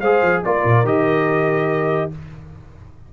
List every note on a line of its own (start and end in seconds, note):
0.00 0.22 G#3
0.00 0.45 G#4
0.00 0.43 C5
0.00 0.42 F5
0.22 0.43 F3
0.44 0.64 A#3
0.44 0.85 F4
0.44 2.13 A#4
0.44 0.86 D5
0.64 0.84 A#2
0.84 2.10 D#3
0.84 2.11 G4
0.84 2.12 D#5